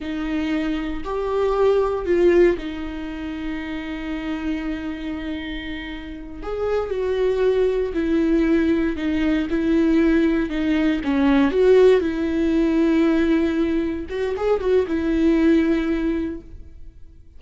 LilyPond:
\new Staff \with { instrumentName = "viola" } { \time 4/4 \tempo 4 = 117 dis'2 g'2 | f'4 dis'2.~ | dis'1~ | dis'8 gis'4 fis'2 e'8~ |
e'4. dis'4 e'4.~ | e'8 dis'4 cis'4 fis'4 e'8~ | e'2.~ e'8 fis'8 | gis'8 fis'8 e'2. | }